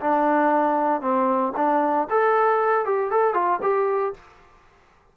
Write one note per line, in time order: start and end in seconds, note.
0.00 1.01 D4
1.01 1.53 C4
1.56 2.08 D4
2.10 2.85 A4
2.85 3.11 G4
3.11 3.34 A4
3.34 3.59 F4
3.62 4.13 G4